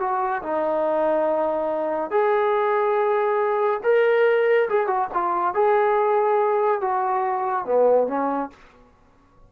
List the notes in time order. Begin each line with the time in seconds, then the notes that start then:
0.00 F#4
0.43 D#4
2.11 G#4
3.84 A#4
4.69 G#4
4.87 F#4
5.14 F4
5.55 G#4
6.81 F#4
7.66 B3
8.08 C#4